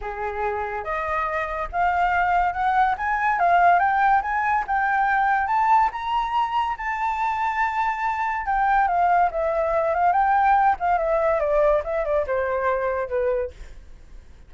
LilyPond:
\new Staff \with { instrumentName = "flute" } { \time 4/4 \tempo 4 = 142 gis'2 dis''2 | f''2 fis''4 gis''4 | f''4 g''4 gis''4 g''4~ | g''4 a''4 ais''2 |
a''1 | g''4 f''4 e''4. f''8 | g''4. f''8 e''4 d''4 | e''8 d''8 c''2 b'4 | }